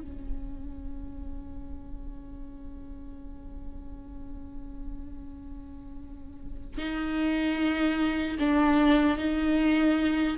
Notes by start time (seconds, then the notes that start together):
0.00 C#4
6.78 D#4
8.39 D4
9.17 D#4